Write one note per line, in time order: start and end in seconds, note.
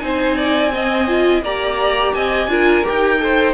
0.00 1.42 C4
0.00 0.71 D#4
0.00 0.37 C5
0.00 1.41 G#5
0.37 0.72 D5
0.73 1.08 C4
0.73 1.44 D#5
1.08 1.43 F4
1.42 2.13 A#3
1.42 2.49 G4
1.42 2.14 D5
1.42 2.14 A#5
2.14 2.47 C4
2.14 2.50 D#5
2.14 2.84 G#5
2.47 2.82 D4
2.47 2.83 F4
2.47 3.21 A#4
2.83 3.53 D#4
2.83 3.18 G4
2.83 3.53 G5
3.19 3.53 A4
3.19 3.53 C5